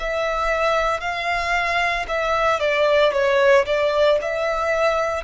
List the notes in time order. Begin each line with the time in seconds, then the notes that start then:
0.00 E5
1.01 F5
2.08 E5
2.60 D5
3.13 C#5
3.67 D5
4.22 E5